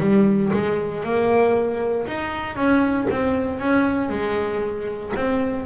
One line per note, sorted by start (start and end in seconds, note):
0.00 0.51 G3
0.53 1.04 G#3
1.04 2.07 A#3
2.07 2.56 D#4
2.56 3.07 C#4
3.11 3.59 C4
3.59 4.10 C#4
4.10 5.12 G#3
5.16 5.65 C4